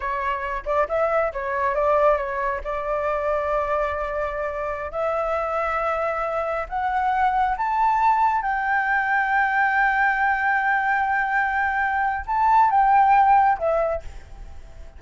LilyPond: \new Staff \with { instrumentName = "flute" } { \time 4/4 \tempo 4 = 137 cis''4. d''8 e''4 cis''4 | d''4 cis''4 d''2~ | d''2.~ d''16 e''8.~ | e''2.~ e''16 fis''8.~ |
fis''4~ fis''16 a''2 g''8.~ | g''1~ | g''1 | a''4 g''2 e''4 | }